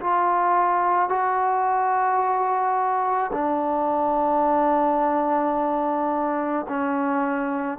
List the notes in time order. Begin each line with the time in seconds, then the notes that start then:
0.00 F4
1.09 F#4
3.32 D4
6.68 C#4